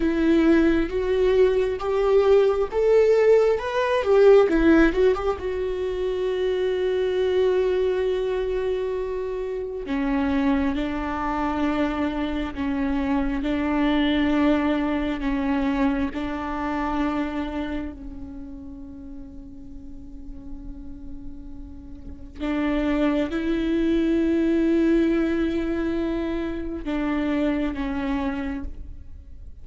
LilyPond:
\new Staff \with { instrumentName = "viola" } { \time 4/4 \tempo 4 = 67 e'4 fis'4 g'4 a'4 | b'8 g'8 e'8 fis'16 g'16 fis'2~ | fis'2. cis'4 | d'2 cis'4 d'4~ |
d'4 cis'4 d'2 | cis'1~ | cis'4 d'4 e'2~ | e'2 d'4 cis'4 | }